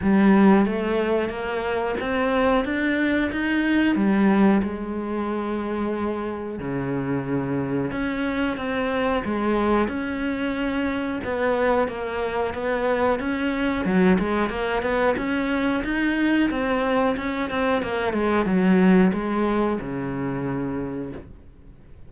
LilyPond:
\new Staff \with { instrumentName = "cello" } { \time 4/4 \tempo 4 = 91 g4 a4 ais4 c'4 | d'4 dis'4 g4 gis4~ | gis2 cis2 | cis'4 c'4 gis4 cis'4~ |
cis'4 b4 ais4 b4 | cis'4 fis8 gis8 ais8 b8 cis'4 | dis'4 c'4 cis'8 c'8 ais8 gis8 | fis4 gis4 cis2 | }